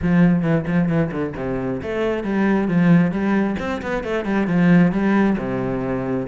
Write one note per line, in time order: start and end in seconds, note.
0.01 0.42 F3
0.42 0.64 E3
0.67 0.88 F3
0.88 1.11 E3
1.11 1.34 D3
1.36 1.81 C3
1.82 2.23 A3
2.23 2.68 G3
2.68 3.11 F3
3.11 3.56 G3
3.59 3.81 C4
3.81 4.03 B3
4.03 4.24 A3
4.24 4.47 G3
4.47 4.92 F3
4.92 5.36 G3
5.37 6.27 C3